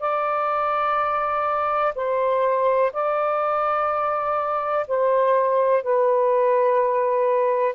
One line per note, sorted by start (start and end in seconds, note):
0.00 1.94 D5
1.95 2.92 C5
2.93 4.86 D5
4.87 5.83 C5
5.83 7.75 B4